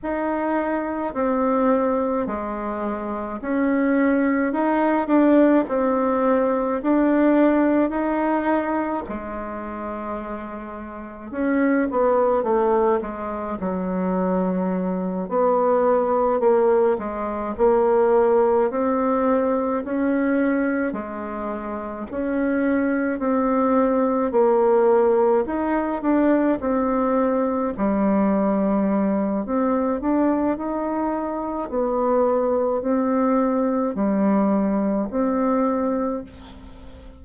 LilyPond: \new Staff \with { instrumentName = "bassoon" } { \time 4/4 \tempo 4 = 53 dis'4 c'4 gis4 cis'4 | dis'8 d'8 c'4 d'4 dis'4 | gis2 cis'8 b8 a8 gis8 | fis4. b4 ais8 gis8 ais8~ |
ais8 c'4 cis'4 gis4 cis'8~ | cis'8 c'4 ais4 dis'8 d'8 c'8~ | c'8 g4. c'8 d'8 dis'4 | b4 c'4 g4 c'4 | }